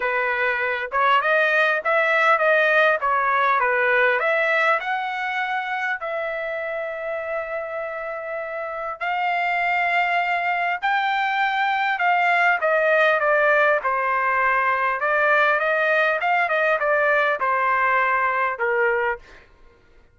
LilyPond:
\new Staff \with { instrumentName = "trumpet" } { \time 4/4 \tempo 4 = 100 b'4. cis''8 dis''4 e''4 | dis''4 cis''4 b'4 e''4 | fis''2 e''2~ | e''2. f''4~ |
f''2 g''2 | f''4 dis''4 d''4 c''4~ | c''4 d''4 dis''4 f''8 dis''8 | d''4 c''2 ais'4 | }